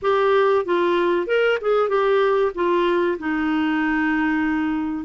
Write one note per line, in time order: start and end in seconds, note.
0.02 0.65 G4
0.65 1.26 F4
1.26 1.58 A#4
1.61 1.88 G#4
1.88 2.51 G4
2.54 3.18 F4
3.18 5.04 D#4